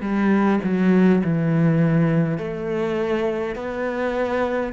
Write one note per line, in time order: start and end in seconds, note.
0.00 0.59 G3
0.64 1.22 F#3
1.23 2.37 E3
2.37 3.55 A3
3.55 4.72 B3